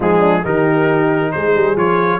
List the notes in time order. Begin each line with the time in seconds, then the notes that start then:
0.00 F3 G#3 D#4 G#4
0.19 D4
0.44 D#3 D#4 G4 A#4
1.31 G#3 G#4 C5
1.55 G3
1.75 F3 F4 C#5